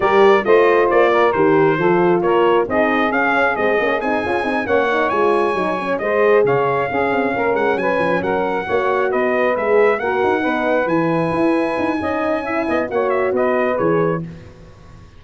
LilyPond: <<
  \new Staff \with { instrumentName = "trumpet" } { \time 4/4 \tempo 4 = 135 d''4 dis''4 d''4 c''4~ | c''4 cis''4 dis''4 f''4 | dis''4 gis''4. fis''4 gis''8~ | gis''4. dis''4 f''4.~ |
f''4 fis''8 gis''4 fis''4.~ | fis''8 dis''4 e''4 fis''4.~ | fis''8 gis''2.~ gis''8~ | gis''4 fis''8 e''8 dis''4 cis''4 | }
  \new Staff \with { instrumentName = "saxophone" } { \time 4/4 ais'4 c''4. ais'4. | a'4 ais'4 gis'2~ | gis'2~ gis'8 cis''4.~ | cis''4. c''4 cis''4 gis'8~ |
gis'8 ais'4 b'4 ais'4 cis''8~ | cis''8 b'2 ais'4 b'8~ | b'2. dis''4 | e''8 dis''8 cis''4 b'2 | }
  \new Staff \with { instrumentName = "horn" } { \time 4/4 g'4 f'2 g'4 | f'2 dis'4 cis'4 | c'8 cis'8 dis'8 f'8 dis'8 cis'8 dis'8 f'8~ | f'8 dis'8 cis'8 gis'2 cis'8~ |
cis'2.~ cis'8 fis'8~ | fis'4. gis'4 fis'4 dis'8~ | dis'8 e'2~ e'8 dis'4 | e'4 fis'2 gis'4 | }
  \new Staff \with { instrumentName = "tuba" } { \time 4/4 g4 a4 ais4 dis4 | f4 ais4 c'4 cis'4 | gis8 ais8 c'8 cis'8 c'8 ais4 gis8~ | gis8 fis4 gis4 cis4 cis'8 |
c'8 ais8 gis8 fis8 f8 fis4 ais8~ | ais8 b4 gis4 ais8 dis'8 b8~ | b8 e4 e'4 dis'8 cis'4~ | cis'8 b8 ais4 b4 e4 | }
>>